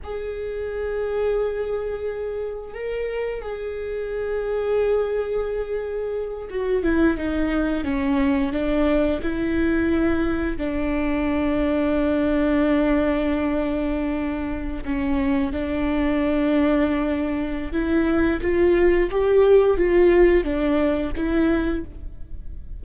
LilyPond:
\new Staff \with { instrumentName = "viola" } { \time 4/4 \tempo 4 = 88 gis'1 | ais'4 gis'2.~ | gis'4. fis'8 e'8 dis'4 cis'8~ | cis'8 d'4 e'2 d'8~ |
d'1~ | d'4.~ d'16 cis'4 d'4~ d'16~ | d'2 e'4 f'4 | g'4 f'4 d'4 e'4 | }